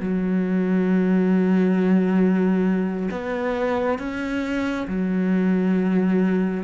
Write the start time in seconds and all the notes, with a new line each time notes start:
0.00 F#3
3.11 B3
3.98 C#4
4.87 F#3